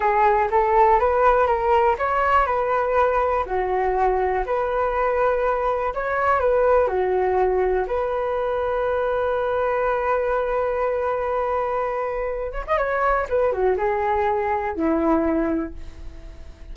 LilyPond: \new Staff \with { instrumentName = "flute" } { \time 4/4 \tempo 4 = 122 gis'4 a'4 b'4 ais'4 | cis''4 b'2 fis'4~ | fis'4 b'2. | cis''4 b'4 fis'2 |
b'1~ | b'1~ | b'4. cis''16 dis''16 cis''4 b'8 fis'8 | gis'2 e'2 | }